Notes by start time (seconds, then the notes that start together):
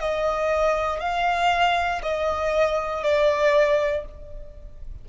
0.00 D#5
1.00 F5
2.02 D#5
3.03 D5